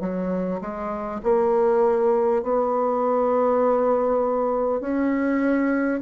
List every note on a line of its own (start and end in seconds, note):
0.00 0.60 F#3
0.61 1.21 G#3
1.23 2.42 A#3
2.42 4.80 B3
4.80 6.00 C#4